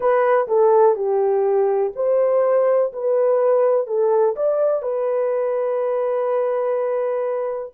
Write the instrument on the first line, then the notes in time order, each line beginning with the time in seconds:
horn
0.00 B4
0.48 A4
0.95 G4
1.95 C5
2.93 B4
3.86 A4
4.35 D5
4.82 B4